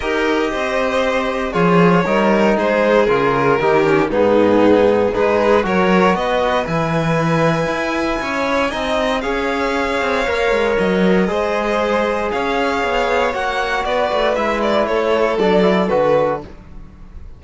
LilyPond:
<<
  \new Staff \with { instrumentName = "violin" } { \time 4/4 \tempo 4 = 117 dis''2. cis''4~ | cis''4 c''4 ais'2 | gis'2 b'4 cis''4 | dis''4 gis''2.~ |
gis''2 f''2~ | f''4 dis''2. | f''2 fis''4 d''4 | e''8 d''8 cis''4 d''4 b'4 | }
  \new Staff \with { instrumentName = "violin" } { \time 4/4 ais'4 c''2 gis'4 | ais'4 gis'2 g'4 | dis'2 gis'4 ais'4 | b'1 |
cis''4 dis''4 cis''2~ | cis''2 c''2 | cis''2. b'4~ | b'4 a'2. | }
  \new Staff \with { instrumentName = "trombone" } { \time 4/4 g'2. f'4 | dis'2 f'4 dis'8 cis'8 | b2 dis'4 fis'4~ | fis'4 e'2.~ |
e'4 dis'4 gis'2 | ais'2 gis'2~ | gis'2 fis'2 | e'2 d'8 e'8 fis'4 | }
  \new Staff \with { instrumentName = "cello" } { \time 4/4 dis'4 c'2 f4 | g4 gis4 cis4 dis4 | gis,2 gis4 fis4 | b4 e2 e'4 |
cis'4 c'4 cis'4. c'8 | ais8 gis8 fis4 gis2 | cis'4 b4 ais4 b8 a8 | gis4 a4 fis4 d4 | }
>>